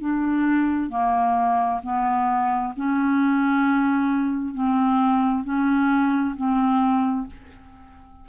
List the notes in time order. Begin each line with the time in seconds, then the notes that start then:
0.00 D4
0.90 A#3
1.82 B3
2.76 C#4
4.54 C4
5.44 C#4
6.36 C4